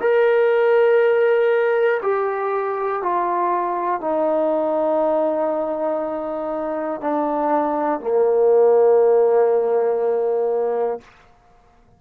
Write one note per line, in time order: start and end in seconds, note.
0.00 2.00 A#4
2.02 3.02 G4
3.02 4.00 F4
4.00 7.00 D#4
7.00 8.00 D4
8.00 11.00 A#3